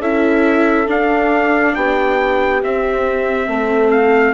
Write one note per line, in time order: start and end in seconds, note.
0.00 0.87 C#4
0.00 0.87 E4
0.00 1.75 A4
0.00 0.89 E5
0.87 2.61 D4
0.87 1.75 D4
0.87 1.75 F5
1.75 2.63 B3
1.75 3.50 G4
1.75 2.62 G5
2.63 4.34 C4
2.63 3.48 C4
2.63 3.91 E5
3.48 4.34 A3
3.48 4.34 A4
3.91 4.34 F5